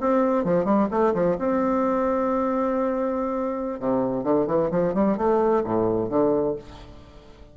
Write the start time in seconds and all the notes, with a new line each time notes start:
0.00 C4
0.44 F3
0.64 G3
0.90 A3
1.14 F3
1.38 C4
3.79 C3
4.23 D3
4.46 E3
4.71 F3
4.94 G3
5.17 A3
5.64 A2
6.09 D3